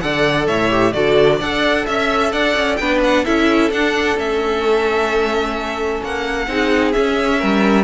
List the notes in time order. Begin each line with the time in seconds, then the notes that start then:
0.00 D3 A4 D5 F#5
0.47 A2 C#5 E5
0.70 G4
0.93 D3 F#4 A4 D5
1.36 D4 D5 F#5
1.42 A4
1.86 C#4 E5
2.32 D4 D5 F#5
2.56 C#4
2.76 B3 D4 B4 G5
3.03 F#5
3.25 C#4 E4 A4 E5
3.71 D4 F#5
4.16 A3 C#4 E5
6.02 A#3 F#5
6.47 C4 D#4 G#4
6.92 C#4 E5
7.39 G3 A#4